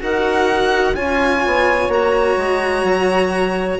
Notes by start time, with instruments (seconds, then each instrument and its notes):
0.00 bassoon D#4, cello F#4, clarinet A#4, violin F#5
0.96 bassoon C#4, cello F4, clarinet C#5, violin G#5
1.46 bassoon B3
1.89 bassoon A#3, cello F#4, violin A#5
2.37 bassoon G#3
2.84 bassoon F#3